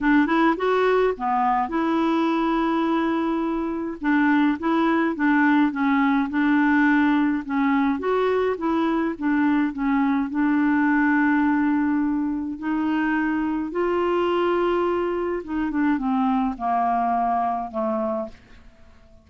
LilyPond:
\new Staff \with { instrumentName = "clarinet" } { \time 4/4 \tempo 4 = 105 d'8 e'8 fis'4 b4 e'4~ | e'2. d'4 | e'4 d'4 cis'4 d'4~ | d'4 cis'4 fis'4 e'4 |
d'4 cis'4 d'2~ | d'2 dis'2 | f'2. dis'8 d'8 | c'4 ais2 a4 | }